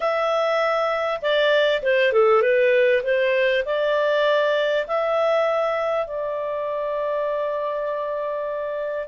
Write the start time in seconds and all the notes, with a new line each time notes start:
0.00 E5
1.21 D5
1.82 C5
2.12 A4
2.41 B4
3.03 C5
3.65 D5
4.87 E5
6.07 D5